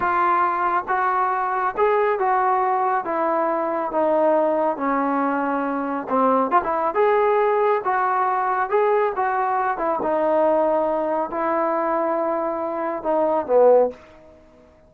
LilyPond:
\new Staff \with { instrumentName = "trombone" } { \time 4/4 \tempo 4 = 138 f'2 fis'2 | gis'4 fis'2 e'4~ | e'4 dis'2 cis'4~ | cis'2 c'4 f'16 e'8. |
gis'2 fis'2 | gis'4 fis'4. e'8 dis'4~ | dis'2 e'2~ | e'2 dis'4 b4 | }